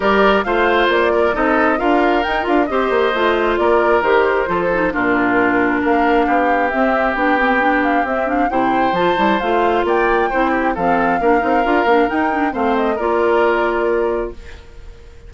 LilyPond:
<<
  \new Staff \with { instrumentName = "flute" } { \time 4/4 \tempo 4 = 134 d''4 f''4 d''4 dis''4 | f''4 g''8 f''8 dis''2 | d''4 c''2 ais'4~ | ais'4 f''2 e''4 |
g''4. f''8 e''8 f''8 g''4 | a''4 f''4 g''2 | f''2. g''4 | f''8 dis''8 d''2. | }
  \new Staff \with { instrumentName = "oboe" } { \time 4/4 ais'4 c''4. ais'8 a'4 | ais'2 c''2 | ais'2 a'4 f'4~ | f'4 ais'4 g'2~ |
g'2. c''4~ | c''2 d''4 c''8 g'8 | a'4 ais'2. | c''4 ais'2. | }
  \new Staff \with { instrumentName = "clarinet" } { \time 4/4 g'4 f'2 dis'4 | f'4 dis'8 f'8 g'4 f'4~ | f'4 g'4 f'8 dis'8 d'4~ | d'2. c'4 |
d'8 c'8 d'4 c'8 d'8 e'4 | f'8 e'8 f'2 e'4 | c'4 d'8 dis'8 f'8 d'8 dis'8 d'8 | c'4 f'2. | }
  \new Staff \with { instrumentName = "bassoon" } { \time 4/4 g4 a4 ais4 c'4 | d'4 dis'8 d'8 c'8 ais8 a4 | ais4 dis4 f4 ais,4~ | ais,4 ais4 b4 c'4 |
b2 c'4 c4 | f8 g8 a4 ais4 c'4 | f4 ais8 c'8 d'8 ais8 dis'4 | a4 ais2. | }
>>